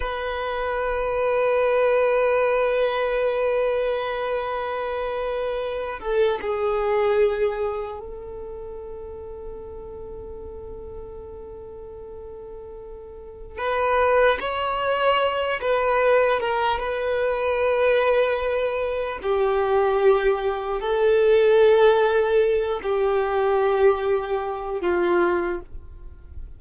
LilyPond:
\new Staff \with { instrumentName = "violin" } { \time 4/4 \tempo 4 = 75 b'1~ | b'2.~ b'8 a'8 | gis'2 a'2~ | a'1~ |
a'4 b'4 cis''4. b'8~ | b'8 ais'8 b'2. | g'2 a'2~ | a'8 g'2~ g'8 f'4 | }